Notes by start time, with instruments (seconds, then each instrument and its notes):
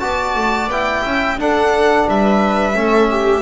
0.00 double bass B3, trombone F#4, viola D5, violin A5
0.35 double bass A3
0.68 double bass B3, trombone E4, violin G5
1.02 double bass C#4, viola E5
1.37 double bass D4, trombone D4, viola A4, violin F#5
2.08 double bass G3, viola B4, violin E5
2.73 double bass A3, trombone C#4, viola A4
3.10 viola G4